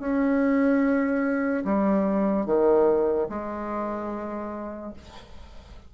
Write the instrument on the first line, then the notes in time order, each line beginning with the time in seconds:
bassoon
0.00 C#4
1.65 G3
2.46 D#3
3.30 G#3